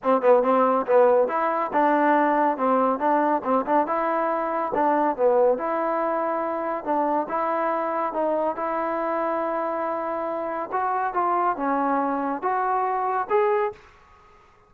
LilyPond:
\new Staff \with { instrumentName = "trombone" } { \time 4/4 \tempo 4 = 140 c'8 b8 c'4 b4 e'4 | d'2 c'4 d'4 | c'8 d'8 e'2 d'4 | b4 e'2. |
d'4 e'2 dis'4 | e'1~ | e'4 fis'4 f'4 cis'4~ | cis'4 fis'2 gis'4 | }